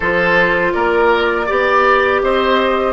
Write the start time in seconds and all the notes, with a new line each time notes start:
0.00 F3 F4 A4 C5
0.73 A#3 A#4 D5
1.46 B3 G4 D5
2.22 C4 C5 D#5